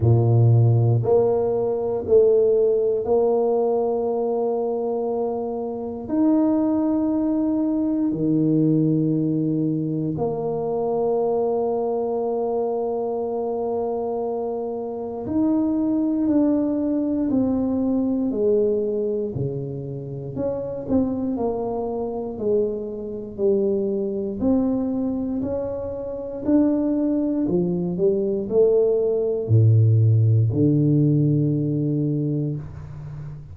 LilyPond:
\new Staff \with { instrumentName = "tuba" } { \time 4/4 \tempo 4 = 59 ais,4 ais4 a4 ais4~ | ais2 dis'2 | dis2 ais2~ | ais2. dis'4 |
d'4 c'4 gis4 cis4 | cis'8 c'8 ais4 gis4 g4 | c'4 cis'4 d'4 f8 g8 | a4 a,4 d2 | }